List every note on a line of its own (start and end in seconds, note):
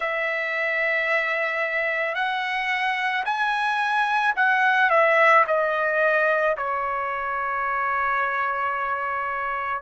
0.00 2.14 E5
2.14 3.23 F#5
3.25 4.34 G#5
4.35 4.90 F#5
4.90 5.44 E5
5.47 6.56 D#5
6.57 9.82 C#5